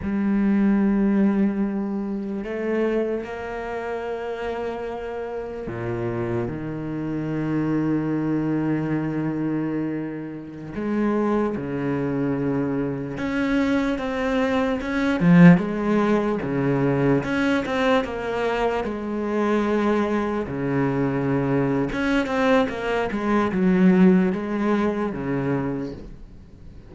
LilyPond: \new Staff \with { instrumentName = "cello" } { \time 4/4 \tempo 4 = 74 g2. a4 | ais2. ais,4 | dis1~ | dis4~ dis16 gis4 cis4.~ cis16~ |
cis16 cis'4 c'4 cis'8 f8 gis8.~ | gis16 cis4 cis'8 c'8 ais4 gis8.~ | gis4~ gis16 cis4.~ cis16 cis'8 c'8 | ais8 gis8 fis4 gis4 cis4 | }